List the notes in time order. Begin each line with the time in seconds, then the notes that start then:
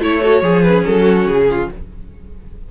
0.00 A3 E4 C#5
0.22 F#4 A4
0.42 F3 G#4
0.63 C#4 B4
0.85 F#3 A4
1.02 F#4
1.27 C#3 G#4
1.51 F4